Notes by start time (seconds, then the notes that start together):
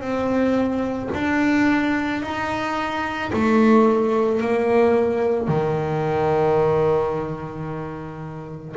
0.00 C4
1.14 D4
2.22 D#4
3.33 A3
4.41 A#3
5.48 D#3